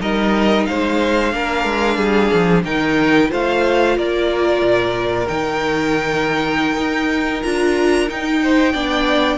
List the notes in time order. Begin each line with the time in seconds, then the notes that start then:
0.00 G3 D#4 A#4 D#5
0.65 G#3 C5 F5
1.32 A#3 D4 A#4
1.64 G#3
1.97 G3 G#4
2.33 F3
2.64 D#3 D#4 A#4 G5
3.28 A3 F4 C5 F5
3.96 A#3 A#4 D5
4.61 A#2
5.27 D#3 D#4 G5
6.77 D#4
7.42 D4 F4 A#5
8.08 D#4 G5
8.42 C5
8.73 B3 D4 D5